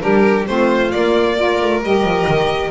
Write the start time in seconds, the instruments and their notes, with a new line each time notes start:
0.00 double bass G3, saxophone D4, violin G4 A#4
0.46 double bass A3, saxophone C4, violin F4 C5
0.91 saxophone A#3, double bass A#3, violin D5
1.37 saxophone F4, violin A#4
1.61 double bass A3
1.83 double bass G3, saxophone G4, violin D#5
2.03 double bass F3
2.28 double bass D#3